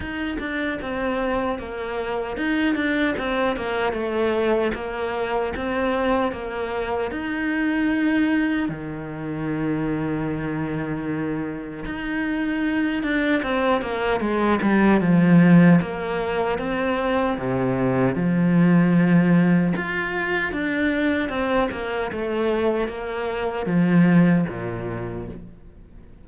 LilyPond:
\new Staff \with { instrumentName = "cello" } { \time 4/4 \tempo 4 = 76 dis'8 d'8 c'4 ais4 dis'8 d'8 | c'8 ais8 a4 ais4 c'4 | ais4 dis'2 dis4~ | dis2. dis'4~ |
dis'8 d'8 c'8 ais8 gis8 g8 f4 | ais4 c'4 c4 f4~ | f4 f'4 d'4 c'8 ais8 | a4 ais4 f4 ais,4 | }